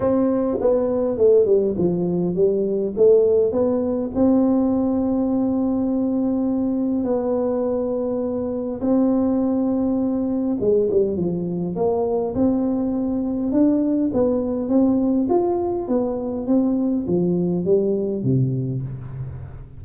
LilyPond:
\new Staff \with { instrumentName = "tuba" } { \time 4/4 \tempo 4 = 102 c'4 b4 a8 g8 f4 | g4 a4 b4 c'4~ | c'1 | b2. c'4~ |
c'2 gis8 g8 f4 | ais4 c'2 d'4 | b4 c'4 f'4 b4 | c'4 f4 g4 c4 | }